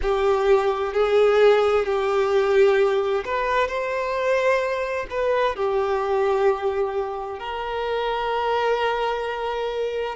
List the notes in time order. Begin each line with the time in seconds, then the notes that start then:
0.02 G4
0.93 G#4
1.85 G4
3.24 B4
3.68 C5
5.10 B4
5.55 G4
7.38 A#4